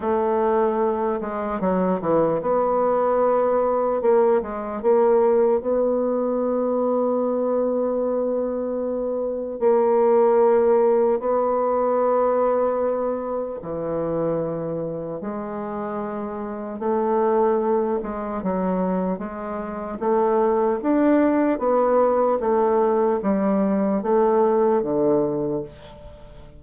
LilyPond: \new Staff \with { instrumentName = "bassoon" } { \time 4/4 \tempo 4 = 75 a4. gis8 fis8 e8 b4~ | b4 ais8 gis8 ais4 b4~ | b1 | ais2 b2~ |
b4 e2 gis4~ | gis4 a4. gis8 fis4 | gis4 a4 d'4 b4 | a4 g4 a4 d4 | }